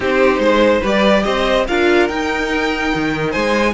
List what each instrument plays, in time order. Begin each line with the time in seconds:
0.00 cello C4, viola D#4, violin G4 C5
0.38 cello G#3, violin C5
0.80 cello G3, viola G4, violin B4 D5
1.22 cello C4, violin C5 D#5
1.67 cello D4, viola F4, violin A#4 F5
2.07 viola D#4, cello D#4, violin G5
2.94 cello D#3
3.30 cello G#3, violin C5 G#5